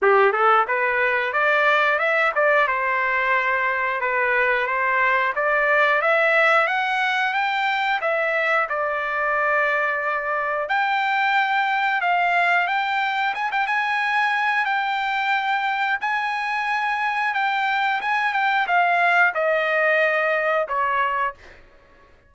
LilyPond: \new Staff \with { instrumentName = "trumpet" } { \time 4/4 \tempo 4 = 90 g'8 a'8 b'4 d''4 e''8 d''8 | c''2 b'4 c''4 | d''4 e''4 fis''4 g''4 | e''4 d''2. |
g''2 f''4 g''4 | gis''16 g''16 gis''4. g''2 | gis''2 g''4 gis''8 g''8 | f''4 dis''2 cis''4 | }